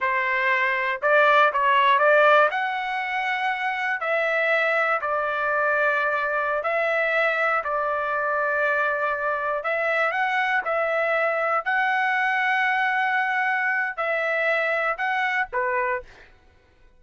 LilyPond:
\new Staff \with { instrumentName = "trumpet" } { \time 4/4 \tempo 4 = 120 c''2 d''4 cis''4 | d''4 fis''2. | e''2 d''2~ | d''4~ d''16 e''2 d''8.~ |
d''2.~ d''16 e''8.~ | e''16 fis''4 e''2 fis''8.~ | fis''1 | e''2 fis''4 b'4 | }